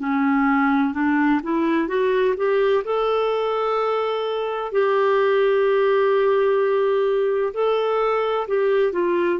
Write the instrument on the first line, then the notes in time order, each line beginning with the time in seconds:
clarinet
0.00 C#4
0.94 D4
1.43 E4
1.88 F#4
2.37 G4
2.85 A4
4.72 G4
7.54 A4
8.48 G4
8.93 F4